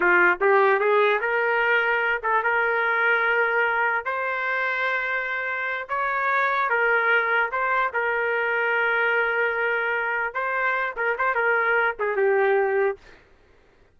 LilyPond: \new Staff \with { instrumentName = "trumpet" } { \time 4/4 \tempo 4 = 148 f'4 g'4 gis'4 ais'4~ | ais'4. a'8 ais'2~ | ais'2 c''2~ | c''2~ c''8 cis''4.~ |
cis''8 ais'2 c''4 ais'8~ | ais'1~ | ais'4. c''4. ais'8 c''8 | ais'4. gis'8 g'2 | }